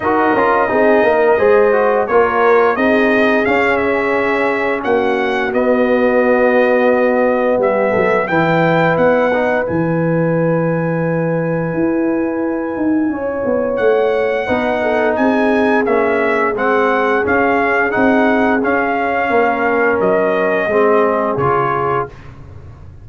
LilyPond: <<
  \new Staff \with { instrumentName = "trumpet" } { \time 4/4 \tempo 4 = 87 dis''2. cis''4 | dis''4 f''8 e''4. fis''4 | dis''2. e''4 | g''4 fis''4 gis''2~ |
gis''1 | fis''2 gis''4 e''4 | fis''4 f''4 fis''4 f''4~ | f''4 dis''2 cis''4 | }
  \new Staff \with { instrumentName = "horn" } { \time 4/4 ais'4 gis'8 ais'8 c''4 ais'4 | gis'2. fis'4~ | fis'2. g'8 a'8 | b'1~ |
b'2. cis''4~ | cis''4 b'8 a'8 gis'2~ | gis'1 | ais'2 gis'2 | }
  \new Staff \with { instrumentName = "trombone" } { \time 4/4 fis'8 f'8 dis'4 gis'8 fis'8 f'4 | dis'4 cis'2. | b1 | e'4. dis'8 e'2~ |
e'1~ | e'4 dis'2 cis'4 | c'4 cis'4 dis'4 cis'4~ | cis'2 c'4 f'4 | }
  \new Staff \with { instrumentName = "tuba" } { \time 4/4 dis'8 cis'8 c'8 ais8 gis4 ais4 | c'4 cis'2 ais4 | b2. g8 fis8 | e4 b4 e2~ |
e4 e'4. dis'8 cis'8 b8 | a4 b4 c'4 ais4 | gis4 cis'4 c'4 cis'4 | ais4 fis4 gis4 cis4 | }
>>